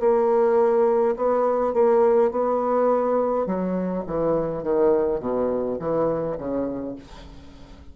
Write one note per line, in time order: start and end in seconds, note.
0.00 1.15 A#3
1.16 1.74 B3
1.74 2.31 A#3
2.31 3.46 B3
3.46 4.04 F#3
4.06 4.63 E3
4.63 5.20 D#3
5.20 5.77 B2
5.79 6.37 E3
6.38 6.95 C#3